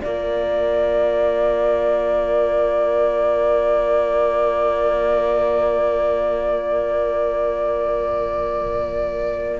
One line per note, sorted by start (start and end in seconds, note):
0.00 9.60 A#3
0.00 9.60 F4
0.00 9.60 A#4
0.00 9.60 D5